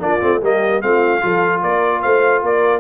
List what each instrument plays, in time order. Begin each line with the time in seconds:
0.00 tuba A#3, trombone D4, horn F4, trumpet D5
0.21 tuba A3, trombone C4
0.42 tuba G3, trombone A#3, horn G4, trumpet D#5
0.82 tuba A3, trombone C4, horn F4, trumpet F5
1.21 tuba F3, trombone F4, horn A4
1.62 tuba A#3, horn A#4, trumpet D5
2.02 tuba A3, horn C5, trumpet F5
2.42 tuba A#3, horn A#4, trumpet D5